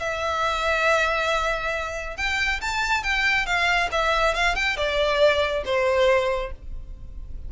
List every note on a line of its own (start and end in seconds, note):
0.00 2.17 E5
2.17 2.61 G5
2.62 3.04 A5
3.04 3.46 G5
3.46 3.90 F5
3.92 4.35 E5
4.35 4.56 F5
4.56 4.77 G5
4.77 5.64 D5
5.65 6.52 C5